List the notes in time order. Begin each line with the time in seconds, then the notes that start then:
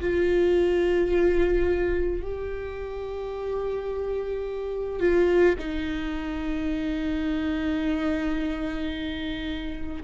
0.00 F4
2.22 G4
4.99 F4
5.59 D#4